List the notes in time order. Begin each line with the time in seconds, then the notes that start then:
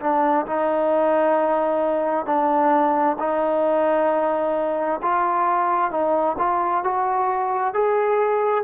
0.00 D4
0.46 D#4
2.26 D4
3.19 D#4
5.02 F4
5.90 D#4
6.38 F4
6.84 F#4
7.74 G#4